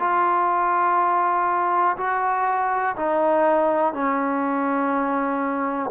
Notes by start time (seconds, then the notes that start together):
0.00 F4
1.98 F#4
2.97 D#4
3.94 C#4